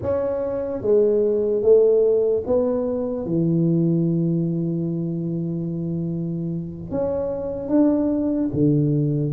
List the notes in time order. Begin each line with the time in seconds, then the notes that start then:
0.01 C#4
0.81 G#3
1.62 A3
2.46 B3
3.25 E3
6.90 C#4
7.68 D4
8.53 D3